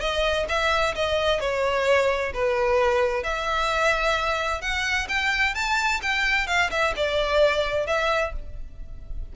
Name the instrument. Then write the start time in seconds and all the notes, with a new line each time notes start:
violin
0.00 D#5
0.48 E5
0.95 D#5
1.40 C#5
2.33 B4
3.23 E5
4.61 F#5
5.08 G5
5.54 A5
6.02 G5
6.47 F5
6.70 E5
6.96 D5
7.86 E5